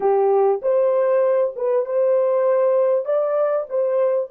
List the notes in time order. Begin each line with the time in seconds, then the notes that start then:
0.00 G4
0.62 C5
1.56 B4
1.85 C5
3.05 D5
3.69 C5